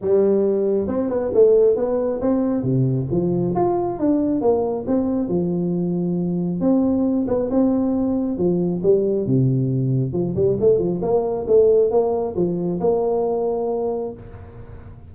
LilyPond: \new Staff \with { instrumentName = "tuba" } { \time 4/4 \tempo 4 = 136 g2 c'8 b8 a4 | b4 c'4 c4 f4 | f'4 d'4 ais4 c'4 | f2. c'4~ |
c'8 b8 c'2 f4 | g4 c2 f8 g8 | a8 f8 ais4 a4 ais4 | f4 ais2. | }